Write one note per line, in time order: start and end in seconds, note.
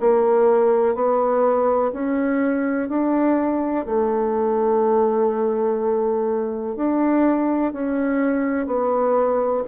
0.00 0.95 A#3
0.95 1.92 B3
1.93 2.89 C#4
2.89 3.86 D4
3.86 6.76 A3
6.76 7.72 D4
7.72 8.66 C#4
8.66 9.63 B3